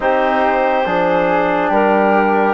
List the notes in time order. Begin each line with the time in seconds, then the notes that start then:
0.00 C4 D#4 G4 C5
0.85 F3 D4 G#4
1.69 G3 G4 A#4